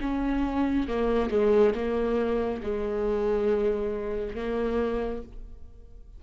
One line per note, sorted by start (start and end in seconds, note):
0.00 0.87 C#4
0.87 1.30 A#3
1.30 1.74 G#3
1.74 2.61 A#3
2.62 4.35 G#3
4.35 5.22 A#3